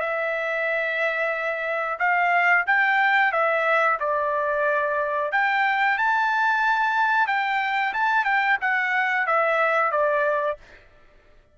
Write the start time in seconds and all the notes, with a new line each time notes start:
0.00 E5
1.99 F5
2.66 G5
3.32 E5
4.00 D5
5.31 G5
5.98 A5
7.27 G5
7.93 A5
8.24 G5
8.61 F#5
9.26 E5
9.91 D5